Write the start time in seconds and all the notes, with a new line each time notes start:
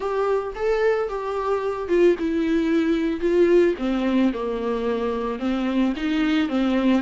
0.00 G4
0.55 A4
1.08 G4
1.88 F4
2.18 E4
3.20 F4
3.78 C4
4.33 A#3
5.39 C4
5.96 D#4
6.48 C4